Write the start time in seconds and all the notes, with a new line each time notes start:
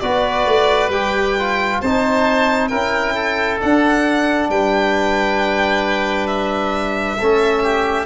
0.00 B3 F#4 B4 D5
0.46 A3
0.89 G3 G4 G5
1.39 F4
1.81 C4 D#4 C5 A5
2.68 C#4 E4 A#4 G5
3.14 A4
3.60 D4 F#5
4.49 G3 B4 G5
6.27 E5
7.18 A3 C#4 A4
7.63 G4